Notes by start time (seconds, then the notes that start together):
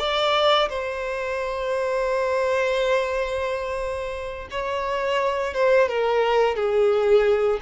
0.00 D5
0.70 C5
4.51 C#5
5.54 C5
5.89 A#4
6.56 G#4